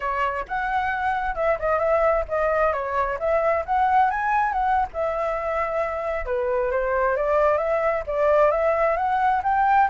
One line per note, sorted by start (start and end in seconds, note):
0.00 0.45 C#5
0.48 1.35 F#5
1.35 1.57 E5
1.59 1.79 D#5
1.79 2.24 E5
2.28 2.73 D#5
2.73 3.18 C#5
3.19 3.64 E5
3.65 4.10 F#5
4.10 4.52 G#5
4.52 4.86 F#5
4.93 6.25 E5
6.25 6.71 B4
6.71 7.16 C5
7.16 7.57 D5
7.57 8.03 E5
8.06 8.51 D5
8.51 8.96 E5
8.96 9.42 F#5
9.43 9.88 G5